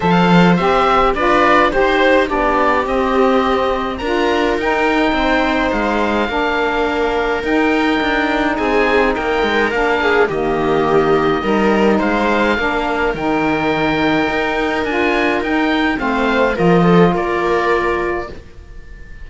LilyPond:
<<
  \new Staff \with { instrumentName = "oboe" } { \time 4/4 \tempo 4 = 105 f''4 e''4 d''4 c''4 | d''4 dis''2 ais''4 | g''2 f''2~ | f''4 g''2 gis''4 |
g''4 f''4 dis''2~ | dis''4 f''2 g''4~ | g''2 gis''4 g''4 | f''4 dis''4 d''2 | }
  \new Staff \with { instrumentName = "viola" } { \time 4/4 c''2 b'4 c''4 | g'2. ais'4~ | ais'4 c''2 ais'4~ | ais'2. gis'4 |
ais'4. gis'8 g'2 | ais'4 c''4 ais'2~ | ais'1 | c''4 ais'8 a'8 ais'2 | }
  \new Staff \with { instrumentName = "saxophone" } { \time 4/4 a'4 g'4 f'4 g'4 | d'4 c'2 f'4 | dis'2. d'4~ | d'4 dis'2.~ |
dis'4 d'4 ais2 | dis'2 d'4 dis'4~ | dis'2 f'4 dis'4 | c'4 f'2. | }
  \new Staff \with { instrumentName = "cello" } { \time 4/4 f4 c'4 d'4 dis'4 | b4 c'2 d'4 | dis'4 c'4 gis4 ais4~ | ais4 dis'4 d'4 c'4 |
ais8 gis8 ais4 dis2 | g4 gis4 ais4 dis4~ | dis4 dis'4 d'4 dis'4 | a4 f4 ais2 | }
>>